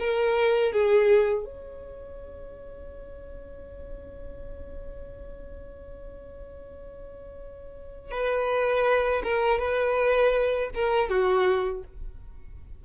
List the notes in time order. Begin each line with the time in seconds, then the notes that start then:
0.00 A#4
0.73 G#4
1.45 C#5
8.12 B4
9.24 A#4
9.59 B4
10.75 A#4
11.10 F#4